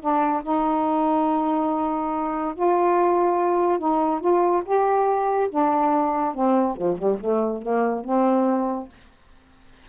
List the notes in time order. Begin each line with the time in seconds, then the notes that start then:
0.00 D4
0.43 D#4
2.55 F4
3.79 D#4
4.20 F4
4.65 G4
5.50 D4
6.34 C4
6.76 F3
6.98 G3
7.20 A3
7.62 A#3
8.04 C4